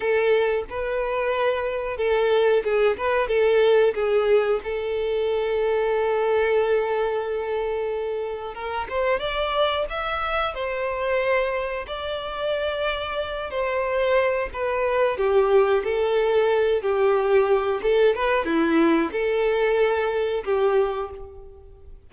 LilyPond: \new Staff \with { instrumentName = "violin" } { \time 4/4 \tempo 4 = 91 a'4 b'2 a'4 | gis'8 b'8 a'4 gis'4 a'4~ | a'1~ | a'4 ais'8 c''8 d''4 e''4 |
c''2 d''2~ | d''8 c''4. b'4 g'4 | a'4. g'4. a'8 b'8 | e'4 a'2 g'4 | }